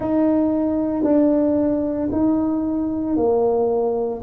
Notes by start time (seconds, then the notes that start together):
0.00 D#4
1.03 D4
2.11 D#4
3.16 A#3